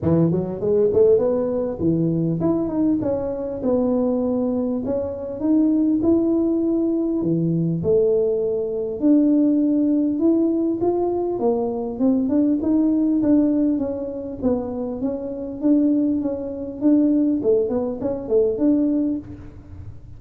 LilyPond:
\new Staff \with { instrumentName = "tuba" } { \time 4/4 \tempo 4 = 100 e8 fis8 gis8 a8 b4 e4 | e'8 dis'8 cis'4 b2 | cis'4 dis'4 e'2 | e4 a2 d'4~ |
d'4 e'4 f'4 ais4 | c'8 d'8 dis'4 d'4 cis'4 | b4 cis'4 d'4 cis'4 | d'4 a8 b8 cis'8 a8 d'4 | }